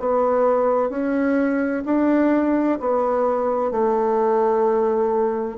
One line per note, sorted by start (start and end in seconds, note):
0.00 0.90 B3
0.90 1.84 C#4
1.85 2.79 D4
2.80 3.72 B3
3.72 5.58 A3